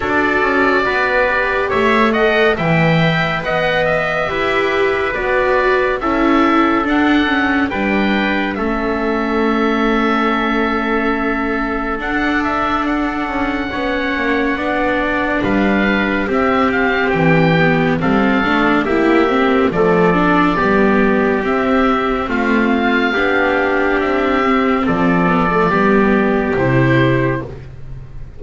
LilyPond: <<
  \new Staff \with { instrumentName = "oboe" } { \time 4/4 \tempo 4 = 70 d''2 e''8 fis''8 g''4 | fis''8 e''4. d''4 e''4 | fis''4 g''4 e''2~ | e''2 fis''8 e''8 fis''4~ |
fis''2 f''4 e''8 f''8 | g''4 f''4 e''4 d''4~ | d''4 e''4 f''2 | e''4 d''2 c''4 | }
  \new Staff \with { instrumentName = "trumpet" } { \time 4/4 a'4 b'4 cis''8 dis''8 e''4 | dis''4 b'2 a'4~ | a'4 b'4 a'2~ | a'1 |
cis''4 d''4 b'4 g'4~ | g'4 a'4 g'4 a'4 | g'2 f'4 g'4~ | g'4 a'4 g'2 | }
  \new Staff \with { instrumentName = "viola" } { \time 4/4 fis'4. g'4 a'8 b'4~ | b'4 g'4 fis'4 e'4 | d'8 cis'8 d'4 cis'2~ | cis'2 d'2 |
cis'4 d'2 c'4~ | c'8 b8 c'8 d'8 e'8 c'8 a8 d'8 | b4 c'2 d'4~ | d'8 c'4 b16 a16 b4 e'4 | }
  \new Staff \with { instrumentName = "double bass" } { \time 4/4 d'8 cis'8 b4 a4 e4 | b4 e'4 b4 cis'4 | d'4 g4 a2~ | a2 d'4. cis'8 |
b8 ais8 b4 g4 c'4 | e4 g8 a8 ais4 f4 | g4 c'4 a4 b4 | c'4 f4 g4 c4 | }
>>